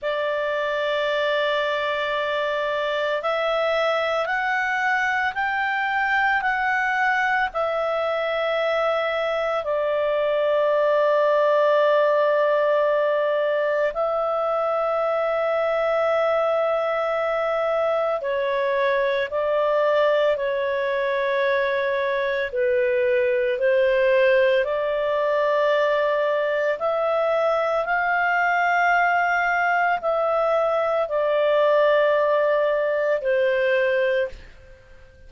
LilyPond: \new Staff \with { instrumentName = "clarinet" } { \time 4/4 \tempo 4 = 56 d''2. e''4 | fis''4 g''4 fis''4 e''4~ | e''4 d''2.~ | d''4 e''2.~ |
e''4 cis''4 d''4 cis''4~ | cis''4 b'4 c''4 d''4~ | d''4 e''4 f''2 | e''4 d''2 c''4 | }